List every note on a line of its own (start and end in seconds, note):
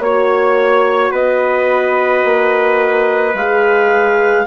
0.00 1.11 A#3
0.00 3.36 F#4
0.00 1.12 C#5
1.12 2.24 B3
1.12 4.45 B4
1.12 3.36 D#5
2.25 3.34 A#3
3.34 4.46 G#3
3.34 4.47 G#4
3.34 4.47 F5